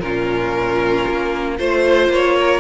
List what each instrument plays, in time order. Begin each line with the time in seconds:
0.00 cello A#2, viola C#4, violin F4 A#4
1.08 cello A#3
1.58 cello A3, viola F4, violin C5
2.08 cello A#3, violin C#5
2.41 violin A#4